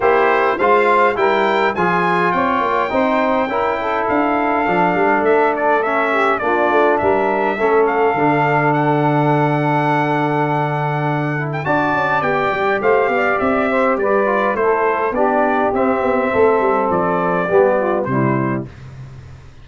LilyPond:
<<
  \new Staff \with { instrumentName = "trumpet" } { \time 4/4 \tempo 4 = 103 c''4 f''4 g''4 gis''4 | g''2. f''4~ | f''4 e''8 d''8 e''4 d''4 | e''4. f''4. fis''4~ |
fis''2.~ fis''8. g''16 | a''4 g''4 f''4 e''4 | d''4 c''4 d''4 e''4~ | e''4 d''2 c''4 | }
  \new Staff \with { instrumentName = "saxophone" } { \time 4/4 g'4 c''4 ais'4 gis'4 | cis''4 c''4 ais'8 a'4.~ | a'2~ a'8 g'8 f'4 | ais'4 a'2.~ |
a'1 | d''2 c''8 d''4 c''8 | b'4 a'4 g'2 | a'2 g'8 f'8 e'4 | }
  \new Staff \with { instrumentName = "trombone" } { \time 4/4 e'4 f'4 e'4 f'4~ | f'4 dis'4 e'2 | d'2 cis'4 d'4~ | d'4 cis'4 d'2~ |
d'2.~ d'8 e'8 | fis'4 g'2.~ | g'8 f'8 e'4 d'4 c'4~ | c'2 b4 g4 | }
  \new Staff \with { instrumentName = "tuba" } { \time 4/4 ais4 gis4 g4 f4 | c'8 ais8 c'4 cis'4 d'4 | f8 g8 a2 ais8 a8 | g4 a4 d2~ |
d1 | d'8 cis'8 b8 g8 a8 b8 c'4 | g4 a4 b4 c'8 b8 | a8 g8 f4 g4 c4 | }
>>